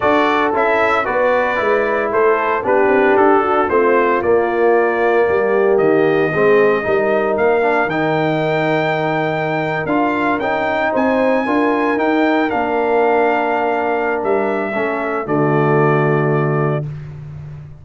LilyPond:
<<
  \new Staff \with { instrumentName = "trumpet" } { \time 4/4 \tempo 4 = 114 d''4 e''4 d''2 | c''4 b'4 a'4 c''4 | d''2. dis''4~ | dis''2 f''4 g''4~ |
g''2~ g''8. f''4 g''16~ | g''8. gis''2 g''4 f''16~ | f''2. e''4~ | e''4 d''2. | }
  \new Staff \with { instrumentName = "horn" } { \time 4/4 a'2 b'2 | a'4 g'4. fis'8 f'4~ | f'2 g'2 | gis'4 ais'2.~ |
ais'1~ | ais'8. c''4 ais'2~ ais'16~ | ais'1 | a'4 fis'2. | }
  \new Staff \with { instrumentName = "trombone" } { \time 4/4 fis'4 e'4 fis'4 e'4~ | e'4 d'2 c'4 | ais1 | c'4 dis'4. d'8 dis'4~ |
dis'2~ dis'8. f'4 dis'16~ | dis'4.~ dis'16 f'4 dis'4 d'16~ | d'1 | cis'4 a2. | }
  \new Staff \with { instrumentName = "tuba" } { \time 4/4 d'4 cis'4 b4 gis4 | a4 b8 c'8 d'4 a4 | ais2 g4 dis4 | gis4 g4 ais4 dis4~ |
dis2~ dis8. d'4 cis'16~ | cis'8. c'4 d'4 dis'4 ais16~ | ais2. g4 | a4 d2. | }
>>